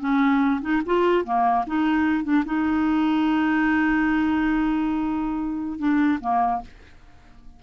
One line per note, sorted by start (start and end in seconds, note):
0.00 0.61 C#4
0.62 0.82 D#4
0.86 1.25 F4
1.25 1.65 A#3
1.67 2.24 D#4
2.24 2.44 D4
2.46 5.79 D#4
5.79 6.19 D4
6.21 6.61 A#3